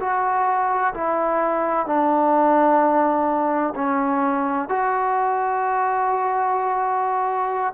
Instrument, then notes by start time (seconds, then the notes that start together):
trombone
0.00 F#4
0.94 E4
1.86 D4
3.75 C#4
4.69 F#4